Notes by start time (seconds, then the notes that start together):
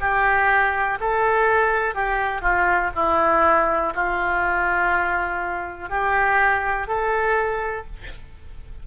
0.00 G4
1.00 A4
1.94 G4
2.41 F4
2.95 E4
3.95 F4
5.89 G4
6.87 A4